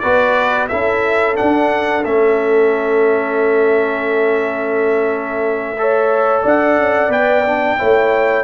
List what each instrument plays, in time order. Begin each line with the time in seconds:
0.00 tuba B3, trombone F#4, horn B4, trumpet D5
0.68 tuba C#4, trombone E4, horn A4, trumpet E5
1.36 trombone D4, tuba D4, trumpet F#5
2.05 tuba A3, trombone C#4, trumpet E5
5.79 trombone A4, horn C#5
6.43 tuba D4, horn D5, trumpet F#5
6.78 tuba C#4
7.09 tuba B3, trombone B4, trumpet G5
7.47 trombone D4
7.78 tuba A3, trombone E4, horn C#5